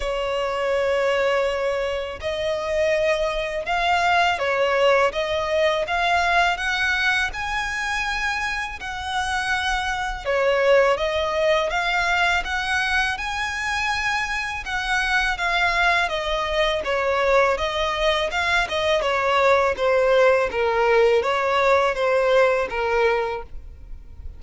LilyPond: \new Staff \with { instrumentName = "violin" } { \time 4/4 \tempo 4 = 82 cis''2. dis''4~ | dis''4 f''4 cis''4 dis''4 | f''4 fis''4 gis''2 | fis''2 cis''4 dis''4 |
f''4 fis''4 gis''2 | fis''4 f''4 dis''4 cis''4 | dis''4 f''8 dis''8 cis''4 c''4 | ais'4 cis''4 c''4 ais'4 | }